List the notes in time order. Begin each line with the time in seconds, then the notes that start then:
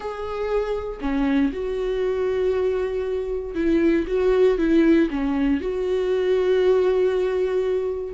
0.00 G#4
1.01 C#4
1.52 F#4
3.54 E4
4.07 F#4
4.57 E4
5.10 C#4
5.60 F#4